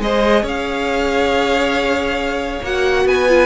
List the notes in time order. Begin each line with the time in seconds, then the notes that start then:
0.00 G#3 G#4 C5 D#5
0.43 C#4 C#5 F5
2.63 A#3 F#4 F#5
3.06 B3 B4 G#5
3.29 F4